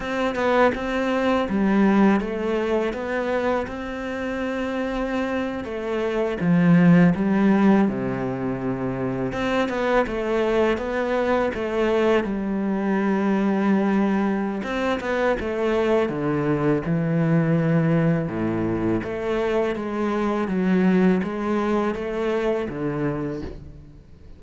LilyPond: \new Staff \with { instrumentName = "cello" } { \time 4/4 \tempo 4 = 82 c'8 b8 c'4 g4 a4 | b4 c'2~ c'8. a16~ | a8. f4 g4 c4~ c16~ | c8. c'8 b8 a4 b4 a16~ |
a8. g2.~ g16 | c'8 b8 a4 d4 e4~ | e4 a,4 a4 gis4 | fis4 gis4 a4 d4 | }